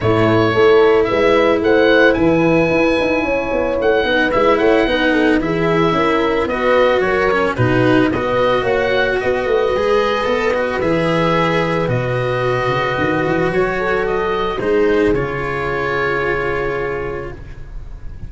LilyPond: <<
  \new Staff \with { instrumentName = "oboe" } { \time 4/4 \tempo 4 = 111 cis''2 e''4 fis''4 | gis''2. fis''4 | e''8 fis''4. e''2 | dis''4 cis''4 b'4 dis''4 |
fis''4 dis''2. | e''2 dis''2~ | dis''4 cis''4 dis''4 c''4 | cis''1 | }
  \new Staff \with { instrumentName = "horn" } { \time 4/4 e'4 a'4 b'4 c''4 | b'2 cis''4. b'8~ | b'8 cis''8 b'8 a'8 gis'4 ais'4 | b'4 ais'4 fis'4 b'4 |
cis''4 b'2.~ | b'1~ | b'4. a'4. gis'4~ | gis'1 | }
  \new Staff \with { instrumentName = "cello" } { \time 4/4 a4 e'2.~ | e'2.~ e'8 dis'8 | e'4 dis'4 e'2 | fis'4. cis'8 dis'4 fis'4~ |
fis'2 gis'4 a'8 fis'8 | gis'2 fis'2~ | fis'2. dis'4 | f'1 | }
  \new Staff \with { instrumentName = "tuba" } { \time 4/4 a,4 a4 gis4 a4 | e4 e'8 dis'8 cis'8 b8 a8 b8 | gis8 a8 b4 e4 cis'4 | b4 fis4 b,4 b4 |
ais4 b8 a8 gis4 b4 | e2 b,4. cis8 | dis8 e8 fis2 gis4 | cis1 | }
>>